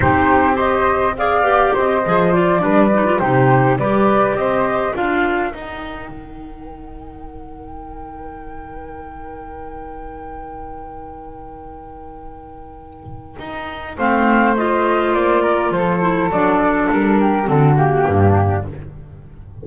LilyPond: <<
  \new Staff \with { instrumentName = "flute" } { \time 4/4 \tempo 4 = 103 c''4 dis''4 f''4 dis''4 | d''4. c''4 d''4 dis''8~ | dis''8 f''4 g''2~ g''8~ | g''1~ |
g''1~ | g''1 | f''4 dis''4 d''4 c''4 | d''4 ais'4 a'8 g'4. | }
  \new Staff \with { instrumentName = "flute" } { \time 4/4 g'4 c''4 d''4 c''4~ | c''8 b'4 g'4 b'4 c''8~ | c''8 ais'2.~ ais'8~ | ais'1~ |
ais'1~ | ais'1 | c''2~ c''8 ais'8 a'4~ | a'4. g'8 fis'4 d'4 | }
  \new Staff \with { instrumentName = "clarinet" } { \time 4/4 dis'4 g'4 gis'8 g'4 gis'8 | f'8 d'8 dis'16 f'16 dis'4 g'4.~ | g'8 f'4 dis'2~ dis'8~ | dis'1~ |
dis'1~ | dis'1 | c'4 f'2~ f'8 e'8 | d'2 c'8 ais4. | }
  \new Staff \with { instrumentName = "double bass" } { \time 4/4 c'2~ c'8 b8 c'8 f8~ | f8 g4 c4 g4 c'8~ | c'8 d'4 dis'4 dis4.~ | dis1~ |
dis1~ | dis2. dis'4 | a2 ais4 f4 | fis4 g4 d4 g,4 | }
>>